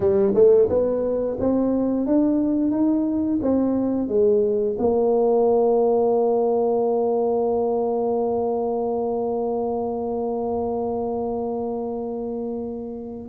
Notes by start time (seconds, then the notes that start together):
0.00 G3
0.34 A3
0.69 B3
1.39 C4
2.06 D4
2.71 D#4
3.42 C4
4.08 G#3
4.78 A#3